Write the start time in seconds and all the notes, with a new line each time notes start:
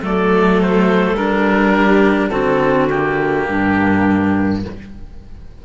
0.00 F#3 A3 A4 D5
0.62 C5
1.12 G3 D4 A#4
1.75 G4
2.29 D3 C4 F#4 A4
2.89 A#3 G4
3.47 G2 D4